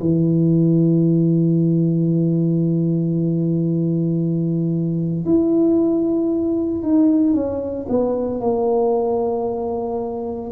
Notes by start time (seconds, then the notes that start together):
0.00 E3
5.25 E4
6.83 D#4
7.33 C#4
7.89 B3
8.41 A#3